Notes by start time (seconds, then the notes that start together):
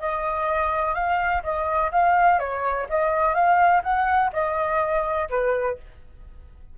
0.00 D#5
0.94 F5
1.43 D#5
1.92 F5
2.40 C#5
2.90 D#5
3.35 F5
3.83 F#5
4.33 D#5
5.30 B4